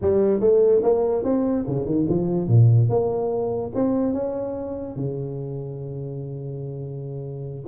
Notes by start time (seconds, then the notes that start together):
0.01 G3
0.40 A3
0.83 A#3
1.24 C4
1.67 C#3
1.85 D#3
2.09 F3
2.47 A#2
2.89 A#3
3.74 C4
4.13 C#4
4.96 C#3